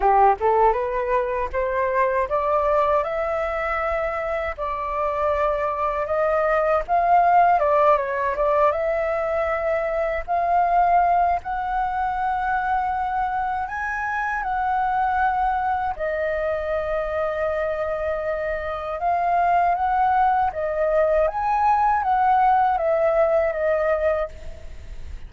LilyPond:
\new Staff \with { instrumentName = "flute" } { \time 4/4 \tempo 4 = 79 g'8 a'8 b'4 c''4 d''4 | e''2 d''2 | dis''4 f''4 d''8 cis''8 d''8 e''8~ | e''4. f''4. fis''4~ |
fis''2 gis''4 fis''4~ | fis''4 dis''2.~ | dis''4 f''4 fis''4 dis''4 | gis''4 fis''4 e''4 dis''4 | }